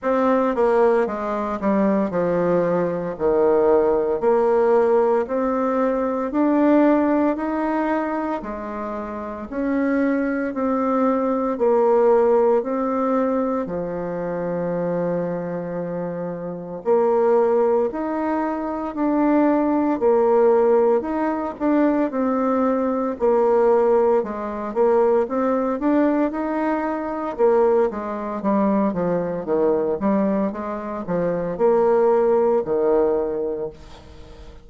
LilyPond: \new Staff \with { instrumentName = "bassoon" } { \time 4/4 \tempo 4 = 57 c'8 ais8 gis8 g8 f4 dis4 | ais4 c'4 d'4 dis'4 | gis4 cis'4 c'4 ais4 | c'4 f2. |
ais4 dis'4 d'4 ais4 | dis'8 d'8 c'4 ais4 gis8 ais8 | c'8 d'8 dis'4 ais8 gis8 g8 f8 | dis8 g8 gis8 f8 ais4 dis4 | }